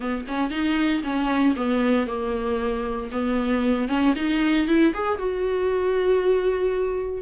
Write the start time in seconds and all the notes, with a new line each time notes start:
0.00 B3
0.27 C#4
0.50 D#4
1.03 C#4
1.55 B3
2.06 A#3
3.11 B3
3.88 C#4
4.15 D#4
4.67 E4
4.93 G#4
5.18 F#4